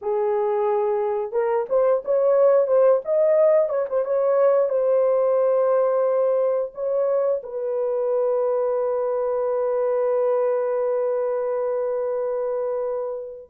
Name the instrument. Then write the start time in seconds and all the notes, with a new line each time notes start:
horn
0.01 G#4
1.32 A#4
1.69 C5
2.04 C#5
2.67 C5
3.04 D#5
3.69 C#5
3.89 C5
4.04 C#5
4.69 C5
6.74 C#5
7.43 B4